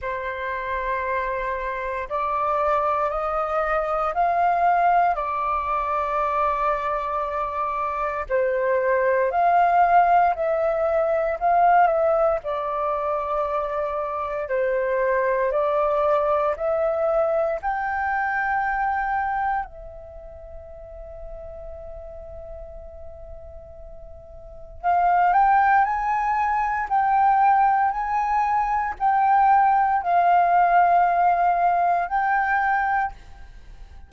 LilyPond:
\new Staff \with { instrumentName = "flute" } { \time 4/4 \tempo 4 = 58 c''2 d''4 dis''4 | f''4 d''2. | c''4 f''4 e''4 f''8 e''8 | d''2 c''4 d''4 |
e''4 g''2 e''4~ | e''1 | f''8 g''8 gis''4 g''4 gis''4 | g''4 f''2 g''4 | }